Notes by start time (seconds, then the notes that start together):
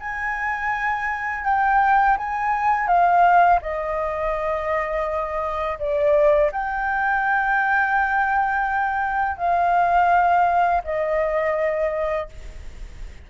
0.00 G#5
1.45 G5
2.18 G#5
2.88 F5
3.62 D#5
5.79 D5
6.52 G5
9.37 F5
10.84 D#5